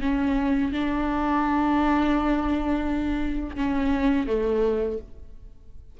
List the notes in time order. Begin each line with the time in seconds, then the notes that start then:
0.00 C#4
0.72 D4
3.56 C#4
4.26 A3